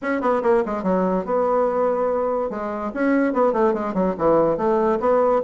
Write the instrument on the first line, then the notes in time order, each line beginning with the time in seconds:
bassoon
0.02 C#4
0.21 B3
0.42 A#3
0.65 G#3
0.83 F#3
1.25 B3
2.49 G#3
2.93 C#4
3.33 B3
3.52 A3
3.73 G#3
3.94 F#3
4.18 E3
4.57 A3
4.99 B3